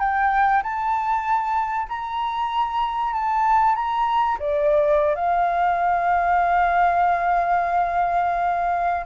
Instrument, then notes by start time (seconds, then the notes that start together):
flute
0.00 G5
0.63 A5
1.89 A#5
3.13 A5
3.75 A#5
4.39 D5
5.16 F5